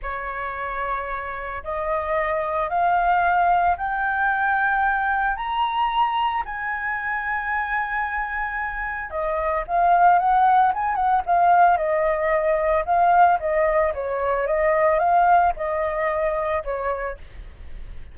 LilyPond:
\new Staff \with { instrumentName = "flute" } { \time 4/4 \tempo 4 = 112 cis''2. dis''4~ | dis''4 f''2 g''4~ | g''2 ais''2 | gis''1~ |
gis''4 dis''4 f''4 fis''4 | gis''8 fis''8 f''4 dis''2 | f''4 dis''4 cis''4 dis''4 | f''4 dis''2 cis''4 | }